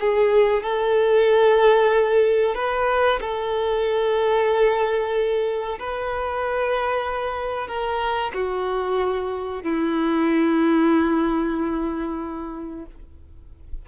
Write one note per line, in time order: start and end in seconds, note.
0.00 0.63 G#4
0.63 2.55 A4
2.55 3.20 B4
3.21 5.79 A4
5.79 7.68 B4
7.68 8.32 A#4
8.34 9.63 F#4
9.63 12.86 E4